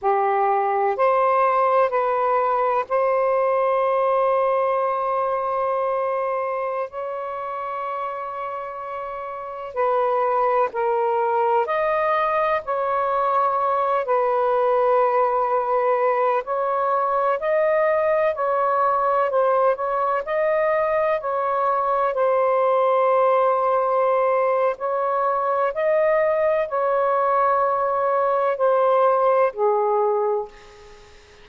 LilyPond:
\new Staff \with { instrumentName = "saxophone" } { \time 4/4 \tempo 4 = 63 g'4 c''4 b'4 c''4~ | c''2.~ c''16 cis''8.~ | cis''2~ cis''16 b'4 ais'8.~ | ais'16 dis''4 cis''4. b'4~ b'16~ |
b'4~ b'16 cis''4 dis''4 cis''8.~ | cis''16 c''8 cis''8 dis''4 cis''4 c''8.~ | c''2 cis''4 dis''4 | cis''2 c''4 gis'4 | }